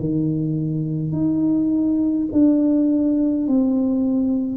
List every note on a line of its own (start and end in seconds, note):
0.00 1.12 D#3
1.12 2.28 D#4
2.32 3.48 D4
3.48 4.57 C4